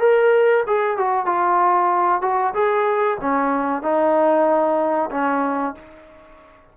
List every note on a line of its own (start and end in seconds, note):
0.00 0.64 A#4
0.67 0.97 G#4
0.97 1.26 F#4
1.26 2.22 F4
2.22 2.54 F#4
2.54 3.18 G#4
3.21 3.83 C#4
3.83 5.10 D#4
5.12 5.75 C#4